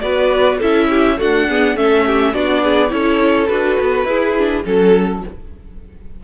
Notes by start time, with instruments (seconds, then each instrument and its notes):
0.00 cello B3, viola F#4, violin B4 D5
0.58 cello C#4, viola E4, violin A4 E5
0.89 violin G4
1.17 viola A3, cello D4, violin F#4 F#5
1.48 viola B3, violin G#4
1.76 cello A3, viola C#4, violin A4 E5
2.06 violin G4
2.33 cello B3, viola D4, violin F#4 D5
2.62 violin G#4
2.88 cello C#4, viola E4, violin A4 C#5
3.47 cello D4, viola F#4, violin B4
3.80 cello B3
4.04 cello E4, viola E4, violin G#4
4.37 viola D4
4.63 cello F#3, viola C#4, violin A4